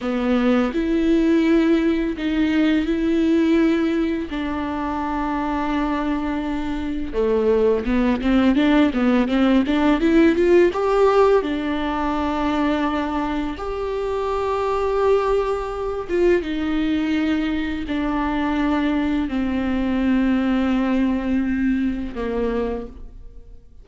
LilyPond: \new Staff \with { instrumentName = "viola" } { \time 4/4 \tempo 4 = 84 b4 e'2 dis'4 | e'2 d'2~ | d'2 a4 b8 c'8 | d'8 b8 c'8 d'8 e'8 f'8 g'4 |
d'2. g'4~ | g'2~ g'8 f'8 dis'4~ | dis'4 d'2 c'4~ | c'2. ais4 | }